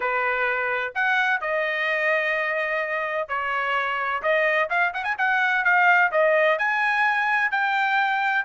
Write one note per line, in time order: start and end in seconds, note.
0.00 0.93 B4
0.94 1.40 F#5
1.40 3.28 D#5
3.28 4.22 C#5
4.22 4.69 D#5
4.69 4.93 F5
4.93 5.03 F#5
5.03 5.15 G#5
5.18 5.64 F#5
5.64 6.11 F5
6.11 6.58 D#5
6.58 7.51 G#5
7.51 8.45 G5